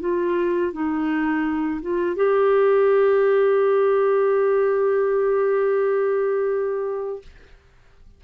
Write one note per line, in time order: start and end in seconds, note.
0.00 0.72 F4
0.72 1.81 D#4
1.82 2.16 F4
2.16 7.22 G4